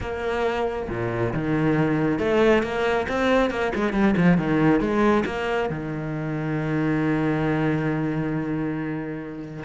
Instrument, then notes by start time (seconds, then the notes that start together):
cello
0.00 A#3
0.89 A#2
1.33 D#3
2.18 A3
2.63 A#3
3.08 C4
3.50 A#3
3.75 G#3
3.93 G3
4.16 F3
4.37 D#3
4.80 G#3
5.25 A#3
5.69 D#3